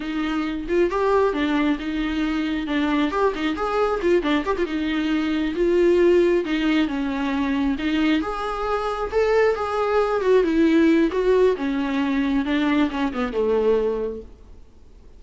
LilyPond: \new Staff \with { instrumentName = "viola" } { \time 4/4 \tempo 4 = 135 dis'4. f'8 g'4 d'4 | dis'2 d'4 g'8 dis'8 | gis'4 f'8 d'8 g'16 f'16 dis'4.~ | dis'8 f'2 dis'4 cis'8~ |
cis'4. dis'4 gis'4.~ | gis'8 a'4 gis'4. fis'8 e'8~ | e'4 fis'4 cis'2 | d'4 cis'8 b8 a2 | }